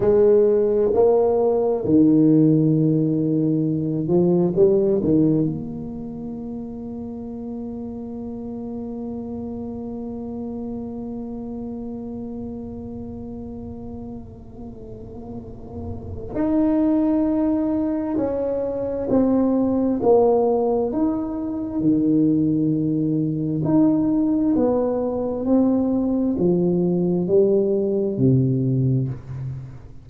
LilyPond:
\new Staff \with { instrumentName = "tuba" } { \time 4/4 \tempo 4 = 66 gis4 ais4 dis2~ | dis8 f8 g8 dis8 ais2~ | ais1~ | ais1~ |
ais2 dis'2 | cis'4 c'4 ais4 dis'4 | dis2 dis'4 b4 | c'4 f4 g4 c4 | }